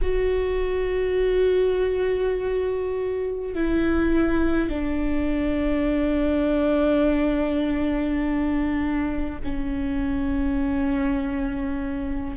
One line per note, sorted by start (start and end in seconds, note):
0.01 3.54 F#4
3.54 4.68 E4
4.68 9.39 D4
9.44 12.36 C#4